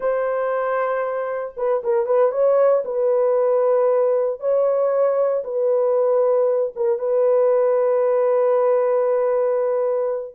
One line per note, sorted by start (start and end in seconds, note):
0.00 1.54 C5
1.56 1.82 B4
1.83 2.05 A#4
2.05 2.31 B4
2.31 2.83 C#5
2.84 4.39 B4
4.39 5.43 C#5
5.44 6.73 B4
6.75 6.98 A#4
6.98 10.34 B4